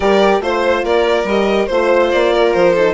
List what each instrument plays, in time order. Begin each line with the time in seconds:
0.00 bassoon G3, horn G4, violin A#4 D5
0.40 bassoon A3, horn F4, violin C5
0.84 bassoon A#3, violin A#4 D5
1.24 bassoon G3, horn G4, violin D#5
1.66 bassoon A3, horn F4, violin C5
2.11 bassoon A#3, violin D5
2.32 violin A#4
2.53 bassoon F3, violin C5
2.73 horn D#4, violin A4